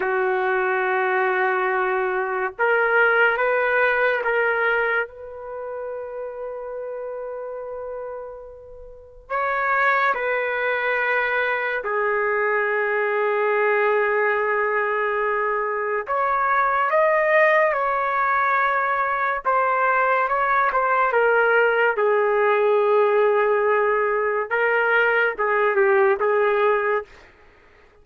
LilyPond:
\new Staff \with { instrumentName = "trumpet" } { \time 4/4 \tempo 4 = 71 fis'2. ais'4 | b'4 ais'4 b'2~ | b'2. cis''4 | b'2 gis'2~ |
gis'2. cis''4 | dis''4 cis''2 c''4 | cis''8 c''8 ais'4 gis'2~ | gis'4 ais'4 gis'8 g'8 gis'4 | }